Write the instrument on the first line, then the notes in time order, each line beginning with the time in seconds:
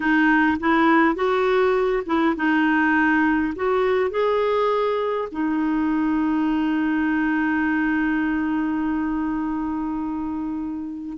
clarinet
0.00 D#4
0.60 E4
1.15 F#4
2.06 E4
2.36 D#4
3.55 F#4
4.10 G#4
5.31 D#4